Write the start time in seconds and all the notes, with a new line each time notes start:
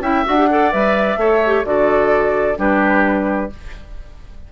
0.00 C#4 E4 E5 G5
0.25 D4 F#4 F#5
0.37 G4
0.50 A4 D5
0.72 G3 B4 E5
1.16 A3 A4 C#5
1.45 G4
1.64 D3 F#4 A4 D5
2.56 G3 D4 G4 B4